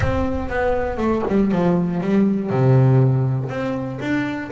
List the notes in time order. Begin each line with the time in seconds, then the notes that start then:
0.00 C4
0.49 B3
0.97 A3
1.27 G3
1.51 F3
2.00 G3
2.50 C3
3.49 C4
4.00 D4